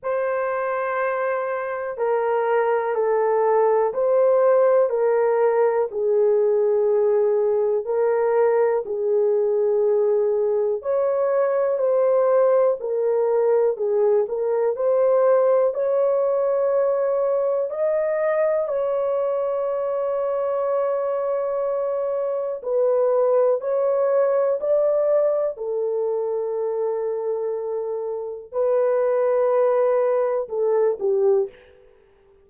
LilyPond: \new Staff \with { instrumentName = "horn" } { \time 4/4 \tempo 4 = 61 c''2 ais'4 a'4 | c''4 ais'4 gis'2 | ais'4 gis'2 cis''4 | c''4 ais'4 gis'8 ais'8 c''4 |
cis''2 dis''4 cis''4~ | cis''2. b'4 | cis''4 d''4 a'2~ | a'4 b'2 a'8 g'8 | }